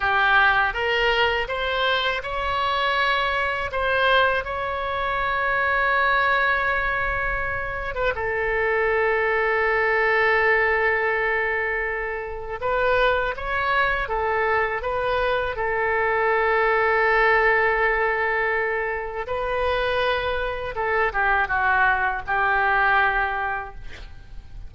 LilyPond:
\new Staff \with { instrumentName = "oboe" } { \time 4/4 \tempo 4 = 81 g'4 ais'4 c''4 cis''4~ | cis''4 c''4 cis''2~ | cis''2~ cis''8. b'16 a'4~ | a'1~ |
a'4 b'4 cis''4 a'4 | b'4 a'2.~ | a'2 b'2 | a'8 g'8 fis'4 g'2 | }